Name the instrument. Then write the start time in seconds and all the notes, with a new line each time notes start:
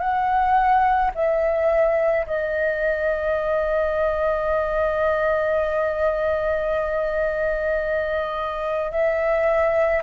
flute
0.00 F#5
1.15 E5
2.27 D#5
8.91 E5